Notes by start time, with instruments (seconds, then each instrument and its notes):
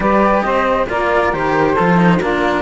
0.00 cello G3 G4, saxophone B4, flute D5
0.41 cello C4, saxophone C5, flute D#5
0.89 cello A#3 F4, saxophone A#4, flute D5
1.32 cello D#3 G4, flute C5
1.72 saxophone A4
1.79 cello F3 F4
1.97 cello D#4
2.19 cello A#3 D4, saxophone F4, flute A#4